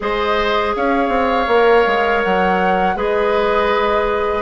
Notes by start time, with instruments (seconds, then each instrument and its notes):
0.00 bassoon G#3, clarinet G#4, oboe C5, flute D#5
0.75 bassoon C#4, oboe C#5, flute F5
1.08 bassoon C4
1.47 bassoon A#3, clarinet A#4
1.86 bassoon G#3
2.23 bassoon F#3, flute F#5
2.95 bassoon G#3, clarinet G#4, oboe B4, flute D#5